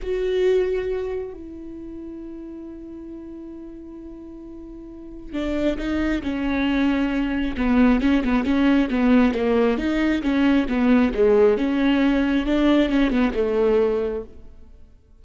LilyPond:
\new Staff \with { instrumentName = "viola" } { \time 4/4 \tempo 4 = 135 fis'2. e'4~ | e'1~ | e'1 | d'4 dis'4 cis'2~ |
cis'4 b4 cis'8 b8 cis'4 | b4 ais4 dis'4 cis'4 | b4 gis4 cis'2 | d'4 cis'8 b8 a2 | }